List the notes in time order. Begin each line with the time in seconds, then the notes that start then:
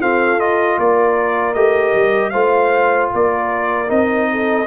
0.00 C4 F4 A4 F5
0.39 F4 D#5
0.79 A#3 A#4 D5
1.54 A3 G4 D#5
1.95 G3
2.30 A3 F4 C5 F5
3.14 A#3 A#4 D5
3.88 C4 D#4 D#5
4.31 A4